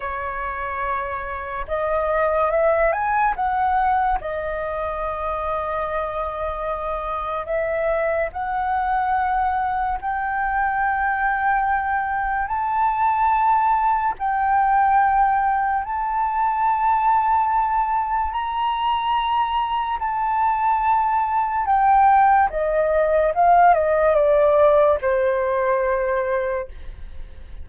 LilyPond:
\new Staff \with { instrumentName = "flute" } { \time 4/4 \tempo 4 = 72 cis''2 dis''4 e''8 gis''8 | fis''4 dis''2.~ | dis''4 e''4 fis''2 | g''2. a''4~ |
a''4 g''2 a''4~ | a''2 ais''2 | a''2 g''4 dis''4 | f''8 dis''8 d''4 c''2 | }